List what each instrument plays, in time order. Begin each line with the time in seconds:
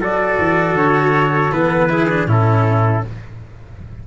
0.00 tuba F#3, cello F#4, trumpet A4 D5
0.38 tuba E3
0.74 tuba D3, trumpet C#5
1.51 tuba E3, cello B3, trumpet B4
1.89 cello E4, trumpet G#4
2.09 cello D4
2.26 tuba A2, cello C#4, trumpet E4 A4